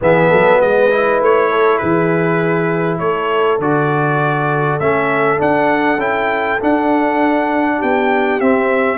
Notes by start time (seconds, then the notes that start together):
0.01 E3 B3 G#4 E5
0.29 F#3 A4
0.61 G#3 B4 D#5
0.90 E4
1.20 A3 C#5
1.50 A4
1.78 E3 G#4 B4
2.98 A3 A4 C#5
3.58 D3 F#4 D5
4.79 A3 C#4 E5
5.38 D4 F#5
5.97 C#4 E4 G5
6.60 D4 F#5
7.77 B3 G4 G5
8.40 C4 E5